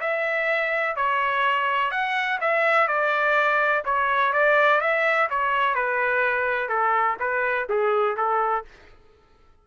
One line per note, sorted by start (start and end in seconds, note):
0.00 0.96 E5
0.96 1.91 C#5
1.91 2.39 F#5
2.40 2.87 E5
2.87 3.83 D5
3.84 4.32 C#5
4.32 4.80 D5
4.80 5.28 E5
5.30 5.74 C#5
5.74 6.69 B4
6.69 7.17 A4
7.19 7.67 B4
7.69 8.16 G#4
8.16 8.64 A4